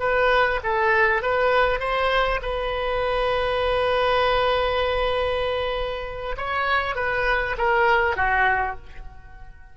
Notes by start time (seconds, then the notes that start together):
0.00 B4
0.64 A4
1.23 B4
1.80 C5
2.43 B4
6.37 C#5
6.96 B4
7.58 A#4
8.16 F#4